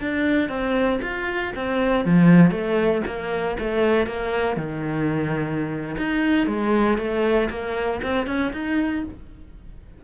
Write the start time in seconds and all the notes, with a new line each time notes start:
0.00 D4
0.49 C4
1.01 F4
1.56 C4
2.05 F3
2.51 A3
3.06 A#3
3.59 A3
4.06 A#3
4.56 D#3
5.97 D#4
6.47 G#3
6.98 A3
7.50 A#3
8.02 C4
8.27 C#4
8.53 D#4